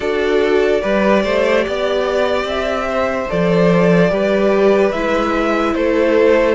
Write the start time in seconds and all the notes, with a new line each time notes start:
0.00 D4 F#4 A4 D5
0.81 G3 G4 B4
1.23 A3 C5
1.64 B3 D5
2.43 C4 E5
2.88 C5
3.28 F3 A4 D5
4.10 G3 G4 B4
4.92 G#3 E4 E5
5.74 A3 A4 C5